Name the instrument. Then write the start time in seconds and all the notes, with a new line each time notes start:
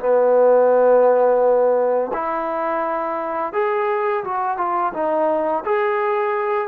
trombone
0.00 B3
2.14 E4
3.54 G#4
4.24 F#4
4.58 F4
4.94 D#4
5.66 G#4